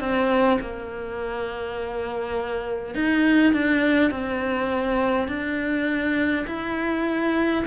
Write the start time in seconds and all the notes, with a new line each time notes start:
0.00 C4
0.61 A#3
2.95 D#4
3.53 D4
4.11 C4
5.28 D4
6.47 E4